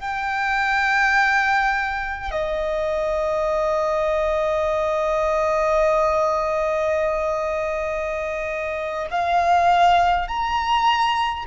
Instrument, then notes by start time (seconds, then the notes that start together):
violin
0.00 G5
2.31 D#5
9.11 F5
10.28 A#5